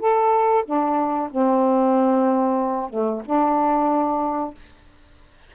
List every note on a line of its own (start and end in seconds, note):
0.00 0.65 A4
0.66 1.30 D4
1.31 2.90 C4
2.90 3.22 A3
3.26 4.55 D4